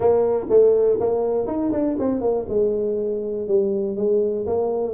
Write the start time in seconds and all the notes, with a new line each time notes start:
0.00 A#3
0.49 A3
1.00 A#3
1.47 D#4
1.72 D4
1.99 C4
2.20 A#3
2.48 G#3
3.47 G3
3.96 G#3
4.46 A#3